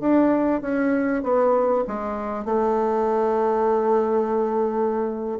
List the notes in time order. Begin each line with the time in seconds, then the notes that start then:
0.00 D4
0.61 C#4
1.23 B3
1.87 G#3
2.45 A3